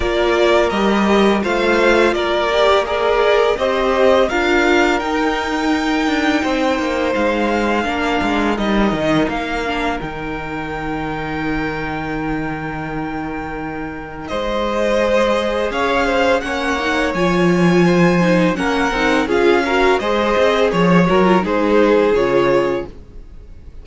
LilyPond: <<
  \new Staff \with { instrumentName = "violin" } { \time 4/4 \tempo 4 = 84 d''4 dis''4 f''4 d''4 | ais'4 dis''4 f''4 g''4~ | g''2 f''2 | dis''4 f''4 g''2~ |
g''1 | dis''2 f''4 fis''4 | gis''2 fis''4 f''4 | dis''4 cis''8 ais'8 c''4 cis''4 | }
  \new Staff \with { instrumentName = "violin" } { \time 4/4 ais'2 c''4 ais'4 | d''4 c''4 ais'2~ | ais'4 c''2 ais'4~ | ais'1~ |
ais'1 | c''2 cis''8 c''8 cis''4~ | cis''4 c''4 ais'4 gis'8 ais'8 | c''4 cis''4 gis'2 | }
  \new Staff \with { instrumentName = "viola" } { \time 4/4 f'4 g'4 f'4. g'8 | gis'4 g'4 f'4 dis'4~ | dis'2. d'4 | dis'4. d'8 dis'2~ |
dis'1~ | dis'4 gis'2 cis'8 dis'8 | f'4. dis'8 cis'8 dis'8 f'8 fis'8 | gis'4. fis'16 f'16 dis'4 f'4 | }
  \new Staff \with { instrumentName = "cello" } { \time 4/4 ais4 g4 a4 ais4~ | ais4 c'4 d'4 dis'4~ | dis'8 d'8 c'8 ais8 gis4 ais8 gis8 | g8 dis8 ais4 dis2~ |
dis1 | gis2 cis'4 ais4 | f2 ais8 c'8 cis'4 | gis8 c'8 f8 fis8 gis4 cis4 | }
>>